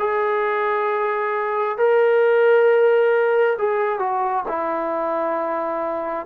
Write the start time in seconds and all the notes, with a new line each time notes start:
0.00 G#4
1.78 A#4
3.59 G#4
4.00 F#4
4.49 E4